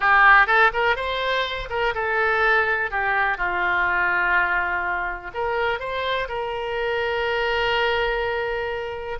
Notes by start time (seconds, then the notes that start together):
0.00 G4
0.47 A4
0.73 A#4
0.96 C5
1.69 A#4
1.94 A4
2.90 G4
3.37 F4
5.34 A#4
5.79 C5
6.28 A#4